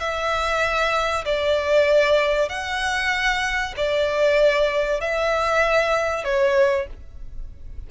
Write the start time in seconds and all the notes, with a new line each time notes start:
0.00 E5
1.25 D5
2.49 F#5
3.77 D5
5.01 E5
6.25 C#5